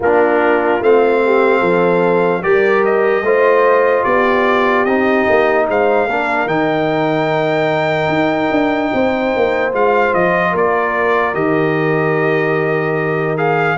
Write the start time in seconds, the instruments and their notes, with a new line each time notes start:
0.00 tuba A#3, trombone D4, horn F4, trumpet A#4
0.81 tuba A3, trombone C4, trumpet F5
1.25 horn G4
1.59 tuba F3, horn A4
2.42 tuba G3, trombone G4, horn A#4, trumpet D5
2.84 trumpet D#5
3.22 tuba A3, trombone F4, horn C5
4.03 tuba B3, horn G4, trumpet D5
4.84 tuba C4, trombone D#4, trumpet D#5
5.28 tuba A#3
5.68 tuba G#3, horn C5, trumpet F5
6.07 tuba A#3, trombone D4, horn A#4
6.46 tuba D#3, trombone D#4, trumpet G5
8.08 tuba D#4
8.51 tuba D4
8.93 tuba C4, horn C5
9.36 tuba A#3
9.72 tuba G#3, trombone F4, trumpet F5
10.14 tuba F3, trumpet D#5
10.51 tuba A#3, horn A#4, trumpet D5
11.34 tuba D#3, trombone G4, trumpet D#5
13.36 trombone G#4, trumpet F5